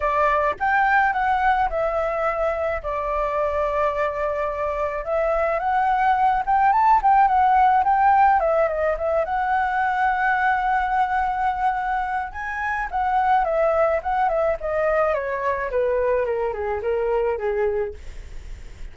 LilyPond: \new Staff \with { instrumentName = "flute" } { \time 4/4 \tempo 4 = 107 d''4 g''4 fis''4 e''4~ | e''4 d''2.~ | d''4 e''4 fis''4. g''8 | a''8 g''8 fis''4 g''4 e''8 dis''8 |
e''8 fis''2.~ fis''8~ | fis''2 gis''4 fis''4 | e''4 fis''8 e''8 dis''4 cis''4 | b'4 ais'8 gis'8 ais'4 gis'4 | }